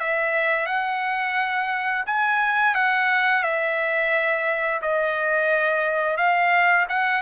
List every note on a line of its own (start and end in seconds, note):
0.00 0.66 E5
0.66 2.04 F#5
2.07 2.75 G#5
2.75 3.44 F#5
3.44 4.82 E5
4.82 6.18 D#5
6.18 6.87 F5
6.89 7.22 F#5